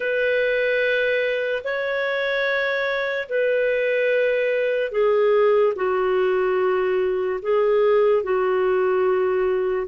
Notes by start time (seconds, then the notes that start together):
0.00 B4
1.64 C#5
3.28 B4
4.91 G#4
5.75 F#4
7.42 G#4
8.23 F#4